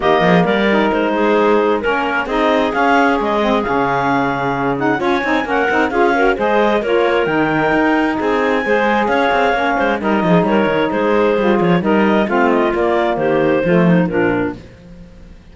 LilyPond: <<
  \new Staff \with { instrumentName = "clarinet" } { \time 4/4 \tempo 4 = 132 dis''4 d''4 c''2 | ais'4 dis''4 f''4 dis''4 | f''2~ f''8 fis''8 gis''4 | fis''4 f''4 dis''4 cis''4 |
g''2 gis''2 | f''2 dis''4 cis''4 | c''4. cis''8 dis''4 f''8 dis''8 | d''4 c''2 ais'4 | }
  \new Staff \with { instrumentName = "clarinet" } { \time 4/4 g'8 gis'8 ais'4. gis'4. | ais'4 gis'2.~ | gis'2. cis''4 | ais'4 gis'8 ais'8 c''4 ais'4~ |
ais'2 gis'4 c''4 | cis''4. c''8 ais'8 gis'8 ais'4 | gis'2 ais'4 f'4~ | f'4 g'4 f'8 dis'8 d'4 | }
  \new Staff \with { instrumentName = "saxophone" } { \time 4/4 ais4. dis'2~ dis'8 | cis'4 dis'4 cis'4. c'8 | cis'2~ cis'8 dis'8 f'8 dis'8 | cis'8 dis'8 f'8 fis'8 gis'4 f'4 |
dis'2. gis'4~ | gis'4 cis'4 dis'2~ | dis'4 f'4 dis'4 c'4 | ais2 a4 f4 | }
  \new Staff \with { instrumentName = "cello" } { \time 4/4 dis8 f8 g4 gis2 | ais4 c'4 cis'4 gis4 | cis2. cis'8 c'8 | ais8 c'8 cis'4 gis4 ais4 |
dis4 dis'4 c'4 gis4 | cis'8 c'8 ais8 gis8 g8 f8 g8 dis8 | gis4 g8 f8 g4 a4 | ais4 dis4 f4 ais,4 | }
>>